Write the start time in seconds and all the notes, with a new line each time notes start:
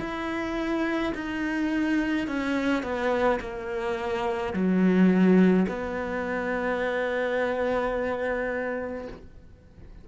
0.00 E4
1.15 D#4
2.27 C#4
2.83 B3
3.40 A#3
4.53 F#3
5.68 B3